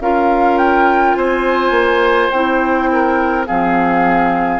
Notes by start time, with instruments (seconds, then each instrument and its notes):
0.00 bassoon C#4, clarinet F4, oboe A#4, flute F5
0.58 flute G5
1.15 bassoon C4, oboe C5, flute G#5
1.71 bassoon A#3
2.31 bassoon C4, clarinet E4, flute G5
2.93 oboe A#4
3.46 bassoon F3, clarinet C4, oboe G#4, flute F5